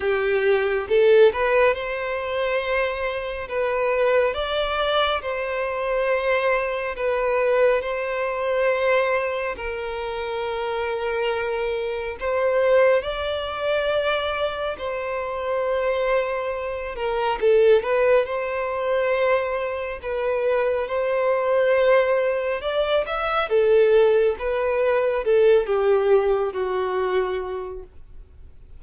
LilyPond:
\new Staff \with { instrumentName = "violin" } { \time 4/4 \tempo 4 = 69 g'4 a'8 b'8 c''2 | b'4 d''4 c''2 | b'4 c''2 ais'4~ | ais'2 c''4 d''4~ |
d''4 c''2~ c''8 ais'8 | a'8 b'8 c''2 b'4 | c''2 d''8 e''8 a'4 | b'4 a'8 g'4 fis'4. | }